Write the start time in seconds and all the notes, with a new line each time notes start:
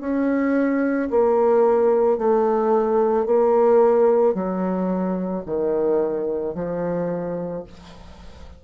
0.00 C#4
1.10 A#3
2.18 A3
3.26 A#3
4.34 F#3
5.45 D#3
6.55 F3